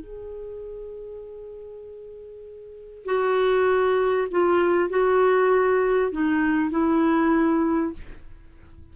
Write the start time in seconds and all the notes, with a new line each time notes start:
0.00 G#4
3.06 F#4
4.31 F4
4.90 F#4
6.12 D#4
6.71 E4